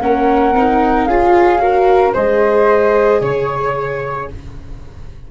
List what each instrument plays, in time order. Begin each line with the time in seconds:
0.00 tuba A#3, viola C#4, flute A#4 F#5
0.52 tuba C4, viola D#4
1.05 tuba C#4, viola F4, flute G#4 F5
1.59 viola F#4, flute A#4
2.14 tuba G#3, viola G#4, flute C5 D#5
3.21 tuba C#3, flute C#5